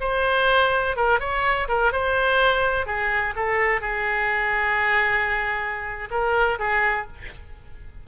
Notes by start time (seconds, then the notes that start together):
0.00 C5
0.96 A#4
1.20 C#5
1.68 A#4
1.92 C5
2.86 G#4
3.35 A4
3.81 G#4
6.10 A#4
6.59 G#4